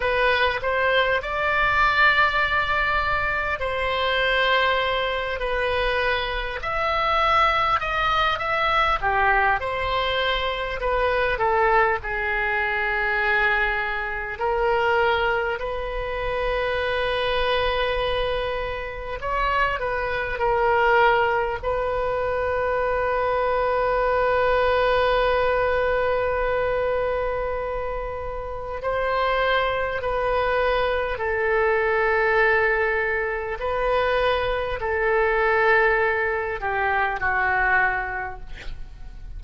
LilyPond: \new Staff \with { instrumentName = "oboe" } { \time 4/4 \tempo 4 = 50 b'8 c''8 d''2 c''4~ | c''8 b'4 e''4 dis''8 e''8 g'8 | c''4 b'8 a'8 gis'2 | ais'4 b'2. |
cis''8 b'8 ais'4 b'2~ | b'1 | c''4 b'4 a'2 | b'4 a'4. g'8 fis'4 | }